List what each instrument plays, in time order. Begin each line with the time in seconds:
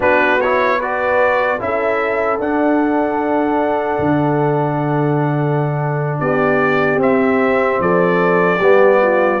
0.00 tuba B3, trombone D4, horn F#4, trumpet B4
0.41 trombone E4, trumpet C#5
0.77 trombone F#4, horn B4, trumpet D5
1.59 tuba C#4, trombone E4, horn A4, trumpet E5
2.38 tuba D4, trombone D4, trumpet F#5
3.99 tuba D3
6.19 tuba B3, horn G4, trumpet D5
6.96 tuba C4, trombone C4, trumpet E5
7.79 tuba F3, horn A4, trumpet D5
8.57 tuba G3, trombone B3, horn G4
9.02 horn F4